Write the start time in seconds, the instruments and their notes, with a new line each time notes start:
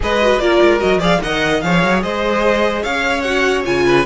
0.00 cello G#3, viola G#4, violin B4 D#5
0.21 viola F#4
0.38 cello A#3, viola F4, violin A#4 D5
0.61 cello G#3
0.79 cello F#3, viola F#4, violin D#5
0.97 cello F3, viola G#4, violin D5 F5
1.22 cello D#3, viola A#4, violin D#5 F#5
1.61 cello F3, viola G#4, violin C#5 F5
1.83 cello F#3
2.02 cello G#3, violin C5 D#5
2.82 cello C#4, violin C#5 F5
3.21 viola F#4, violin F#5
3.64 cello C#3, viola F4, violin G#5
3.85 violin B4